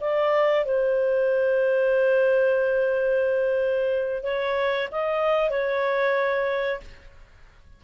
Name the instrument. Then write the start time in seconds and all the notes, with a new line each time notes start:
clarinet
0.00 D5
0.65 C5
4.23 C#5
4.92 D#5
5.50 C#5